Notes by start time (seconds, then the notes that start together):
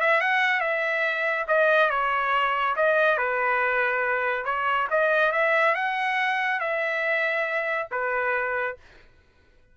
0.00 E5
0.20 F#5
0.60 E5
1.47 D#5
1.90 C#5
2.75 D#5
3.17 B4
4.44 C#5
4.90 D#5
5.32 E5
5.74 F#5
6.60 E5
7.91 B4